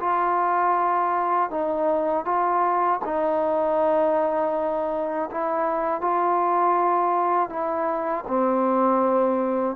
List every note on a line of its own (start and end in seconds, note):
0.00 1.50 F4
1.50 2.25 D#4
2.25 3.00 F4
3.04 5.29 D#4
5.30 6.01 E4
6.01 7.49 F4
7.49 8.24 E4
8.27 9.76 C4